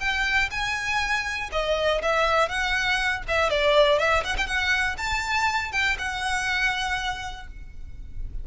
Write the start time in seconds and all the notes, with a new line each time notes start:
0.00 G5
0.51 G#5
1.52 D#5
2.02 E5
2.49 F#5
3.28 E5
3.50 D5
3.99 E5
4.24 F#5
4.37 G5
4.47 F#5
4.98 A5
5.72 G5
5.99 F#5